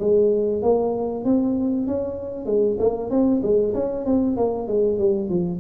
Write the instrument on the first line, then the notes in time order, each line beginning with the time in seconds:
tuba
0.00 G#3
0.62 A#3
1.25 C4
1.87 C#4
2.46 G#3
2.80 A#3
3.11 C4
3.43 G#3
3.74 C#4
4.05 C4
4.37 A#3
4.68 G#3
4.99 G3
5.30 F3